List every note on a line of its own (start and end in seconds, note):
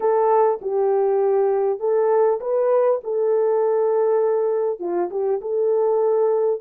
0.00 0.60 A4
0.61 1.79 G4
1.79 2.39 A4
2.40 3.00 B4
3.03 4.79 A4
4.79 5.09 F4
5.10 5.40 G4
5.41 6.60 A4